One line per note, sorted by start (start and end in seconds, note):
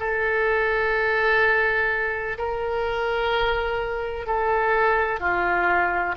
0.00 2.38 A4
2.39 4.27 A#4
4.27 5.20 A4
5.20 6.16 F4